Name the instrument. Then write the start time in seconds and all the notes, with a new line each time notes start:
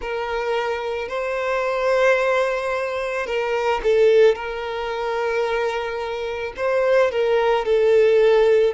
violin
0.01 A#4
1.08 C5
3.26 A#4
3.83 A4
4.35 A#4
6.56 C5
7.11 A#4
7.65 A4